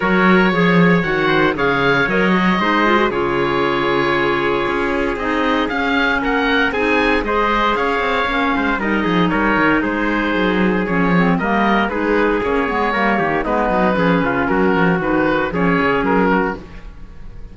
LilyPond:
<<
  \new Staff \with { instrumentName = "oboe" } { \time 4/4 \tempo 4 = 116 cis''2 fis''4 f''4 | dis''2 cis''2~ | cis''2 dis''4 f''4 | fis''4 gis''4 dis''4 f''4~ |
f''4 dis''4 cis''4 c''4~ | c''4 cis''4 dis''4 b'4 | cis''2 b'2 | ais'4 b'4 cis''4 ais'4 | }
  \new Staff \with { instrumentName = "trumpet" } { \time 4/4 ais'4 cis''4. c''8 cis''4~ | cis''4 c''4 gis'2~ | gis'1 | ais'4 gis'4 c''4 cis''4~ |
cis''8 c''8 ais'8 gis'8 ais'4 gis'4~ | gis'2 ais'4 gis'4~ | gis'4 ais'8 g'8 dis'4 gis'8 f'8 | fis'2 gis'4. fis'8 | }
  \new Staff \with { instrumentName = "clarinet" } { \time 4/4 fis'4 gis'4 fis'4 gis'4 | ais'8 fis'8 dis'8 f'16 fis'16 f'2~ | f'2 dis'4 cis'4~ | cis'4 dis'4 gis'2 |
cis'4 dis'2.~ | dis'4 cis'8 c'8 ais4 dis'4 | cis'8 b8 ais4 b4 cis'4~ | cis'4 dis'4 cis'2 | }
  \new Staff \with { instrumentName = "cello" } { \time 4/4 fis4 f4 dis4 cis4 | fis4 gis4 cis2~ | cis4 cis'4 c'4 cis'4 | ais4 c'4 gis4 cis'8 c'8 |
ais8 gis8 g8 f8 g8 dis8 gis4 | fis4 f4 g4 gis4 | ais8 gis8 g8 dis8 gis8 fis8 f8 cis8 | fis8 f8 dis4 f8 cis8 fis4 | }
>>